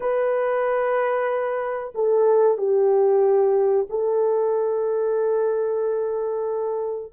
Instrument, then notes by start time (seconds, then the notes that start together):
horn
0.00 B4
1.94 A4
2.57 G4
3.89 A4